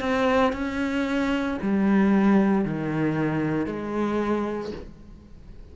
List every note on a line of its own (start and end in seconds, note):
0.00 0.53 C4
0.53 1.58 C#4
1.62 2.65 G3
2.65 3.66 D#3
3.66 4.71 G#3